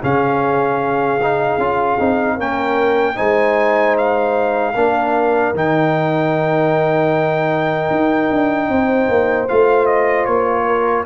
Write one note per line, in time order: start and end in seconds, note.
0.00 1.58 C#3
0.00 1.21 C#4
0.00 2.35 G#4
0.00 2.40 F5
1.22 1.60 D#4
1.58 1.97 C#4
1.58 1.99 F4
1.99 2.39 C4
1.99 2.38 D#4
2.35 3.18 A#3
2.35 3.15 C#4
2.35 3.14 A#4
2.35 3.17 G5
3.15 4.75 G#3
3.15 4.73 D#4
3.15 4.74 C5
3.15 3.96 G#5
3.98 5.56 F5
4.75 5.54 A#3
4.75 5.55 D4
4.75 8.70 A#4
5.54 7.90 D#3
5.54 9.49 D#4
5.54 9.48 G5
7.90 8.30 D#4
8.31 8.69 D4
8.69 9.08 C4
8.69 10.66 C5
9.09 9.48 A#3
9.48 10.27 A3
9.48 11.06 F4
9.48 9.86 F5
9.86 10.25 D#5
10.25 11.06 A#3
10.25 11.04 C#5
10.66 11.06 A#4